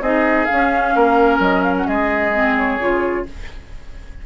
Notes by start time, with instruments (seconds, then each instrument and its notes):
0.00 bassoon C4, clarinet D#4, oboe G#4, flute D#5
0.45 clarinet C#4, flute F5
0.52 bassoon C#4
0.95 bassoon A#3, oboe A#4
1.39 bassoon F#3, flute D#5
1.62 flute F5
1.77 flute F#5
1.87 bassoon G#3, oboe G#4, flute D#5
2.33 clarinet C4
2.56 flute C#5
2.79 bassoon C#3, clarinet F4